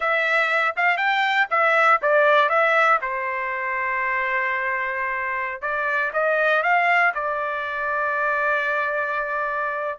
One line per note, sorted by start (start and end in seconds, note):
0.00 0.75 E5
0.76 0.97 F5
0.97 1.47 G5
1.50 2.00 E5
2.01 2.49 D5
2.49 2.99 E5
3.01 5.61 C5
5.61 6.11 D5
6.12 6.62 D#5
6.62 7.12 F5
7.14 9.99 D5